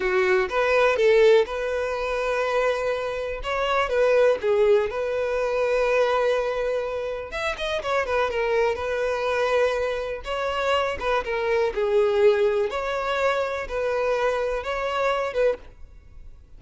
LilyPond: \new Staff \with { instrumentName = "violin" } { \time 4/4 \tempo 4 = 123 fis'4 b'4 a'4 b'4~ | b'2. cis''4 | b'4 gis'4 b'2~ | b'2. e''8 dis''8 |
cis''8 b'8 ais'4 b'2~ | b'4 cis''4. b'8 ais'4 | gis'2 cis''2 | b'2 cis''4. b'8 | }